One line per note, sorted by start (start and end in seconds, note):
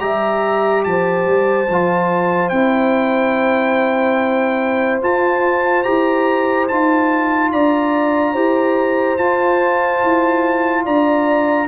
0.00 0.85 G3
0.00 1.67 G4
0.00 0.86 E5
0.00 0.83 A#5
0.84 1.26 F3
0.84 7.52 C5
0.84 2.49 A5
1.26 1.68 G3
1.68 2.51 F3
1.68 2.53 F4
2.49 5.01 C4
2.49 5.02 E4
2.49 4.99 G5
5.02 5.85 F4
5.02 5.87 F4
5.02 5.84 A5
5.84 6.70 E4
5.84 6.68 G4
5.84 6.67 A#5
6.68 7.53 D#4
6.68 8.35 F4
6.68 7.51 A5
7.52 8.35 D4
7.52 8.33 D5
7.52 9.18 A#5
8.33 9.18 E4
8.33 9.19 G4
8.33 10.83 C5
9.18 10.02 F4
9.18 11.68 F4
9.18 10.84 A5
10.03 10.86 E4
10.85 11.68 D4
10.85 11.68 D5
10.85 11.68 A#5